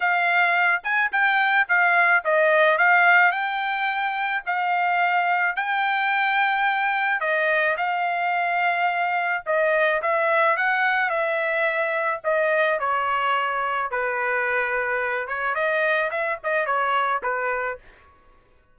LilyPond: \new Staff \with { instrumentName = "trumpet" } { \time 4/4 \tempo 4 = 108 f''4. gis''8 g''4 f''4 | dis''4 f''4 g''2 | f''2 g''2~ | g''4 dis''4 f''2~ |
f''4 dis''4 e''4 fis''4 | e''2 dis''4 cis''4~ | cis''4 b'2~ b'8 cis''8 | dis''4 e''8 dis''8 cis''4 b'4 | }